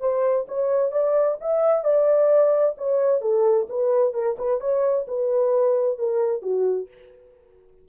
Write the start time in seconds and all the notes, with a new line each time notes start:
0.00 C5
0.48 C#5
0.91 D5
1.41 E5
1.84 D5
2.77 C#5
3.21 A4
3.69 B4
4.13 A#4
4.38 B4
4.60 C#5
5.07 B4
5.98 A#4
6.42 F#4